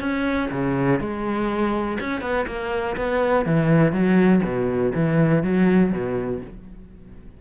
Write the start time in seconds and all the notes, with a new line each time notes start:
0.00 C#4
0.51 C#3
1.00 G#3
2.00 C#4
2.21 B3
2.47 A#3
2.97 B3
3.46 E3
3.92 F#3
4.44 B2
4.95 E3
5.43 F#3
5.92 B2